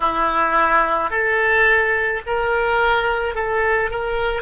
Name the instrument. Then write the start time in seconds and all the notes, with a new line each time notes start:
oboe
0.00 E4
1.10 A4
2.26 A#4
3.34 A4
3.90 A#4